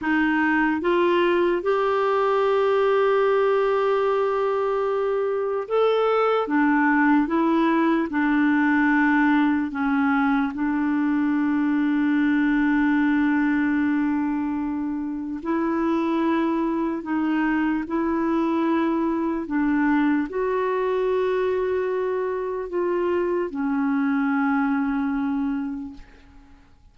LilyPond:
\new Staff \with { instrumentName = "clarinet" } { \time 4/4 \tempo 4 = 74 dis'4 f'4 g'2~ | g'2. a'4 | d'4 e'4 d'2 | cis'4 d'2.~ |
d'2. e'4~ | e'4 dis'4 e'2 | d'4 fis'2. | f'4 cis'2. | }